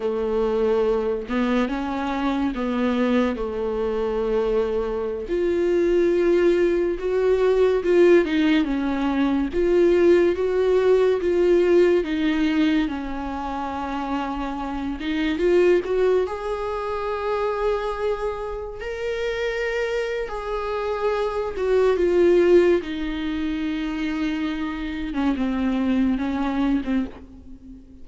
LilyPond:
\new Staff \with { instrumentName = "viola" } { \time 4/4 \tempo 4 = 71 a4. b8 cis'4 b4 | a2~ a16 f'4.~ f'16~ | f'16 fis'4 f'8 dis'8 cis'4 f'8.~ | f'16 fis'4 f'4 dis'4 cis'8.~ |
cis'4.~ cis'16 dis'8 f'8 fis'8 gis'8.~ | gis'2~ gis'16 ais'4.~ ais'16 | gis'4. fis'8 f'4 dis'4~ | dis'4.~ dis'16 cis'16 c'4 cis'8. c'16 | }